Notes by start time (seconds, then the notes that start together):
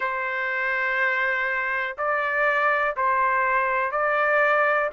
0.00 C5
1.97 D5
2.96 C5
3.91 D5